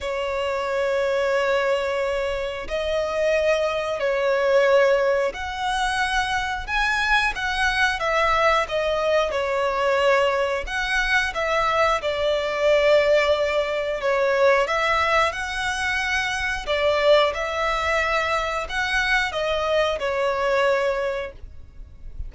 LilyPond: \new Staff \with { instrumentName = "violin" } { \time 4/4 \tempo 4 = 90 cis''1 | dis''2 cis''2 | fis''2 gis''4 fis''4 | e''4 dis''4 cis''2 |
fis''4 e''4 d''2~ | d''4 cis''4 e''4 fis''4~ | fis''4 d''4 e''2 | fis''4 dis''4 cis''2 | }